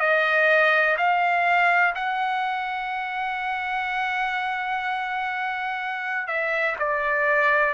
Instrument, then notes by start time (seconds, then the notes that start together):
trumpet
0.00 D#5
0.98 F5
1.95 F#5
6.28 E5
6.79 D5